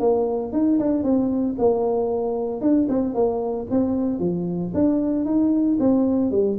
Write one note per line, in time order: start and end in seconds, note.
0.00 0.53 A#3
0.53 0.79 D#4
0.80 1.04 D4
1.04 1.56 C4
1.59 2.62 A#3
2.62 2.88 D4
2.89 3.15 C4
3.15 3.67 A#3
3.71 4.20 C4
4.20 4.72 F3
4.74 5.26 D4
5.26 5.78 D#4
5.80 6.32 C4
6.32 6.58 G3